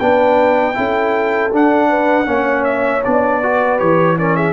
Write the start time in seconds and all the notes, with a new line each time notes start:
0.00 B3 D4 B4 G5
0.75 C#4 E4 A4
1.52 D4 F#5
1.89 B4
2.26 A#3 C#4 C#5
2.65 E5
3.05 B3 D4 D5
3.43 F#4 B4
3.79 E3 G4 C#5
4.17 C#4 A#4 D5
4.36 G#4 E5